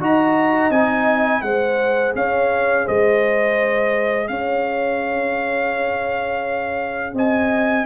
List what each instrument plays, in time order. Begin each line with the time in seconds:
0.00 tuba D#4, trombone F#4, horn D#5, trumpet A#5
0.71 tuba C4, trombone D#4, trumpet G#5
1.42 tuba G#3, trombone G#4, horn C5, trumpet F#5
2.15 tuba C#4, horn C#5, trumpet F5
2.85 tuba G#3, horn C5, trumpet D#5
4.28 tuba C#4, horn C#5, trumpet F5
7.14 tuba C4, horn D#5, trumpet G#5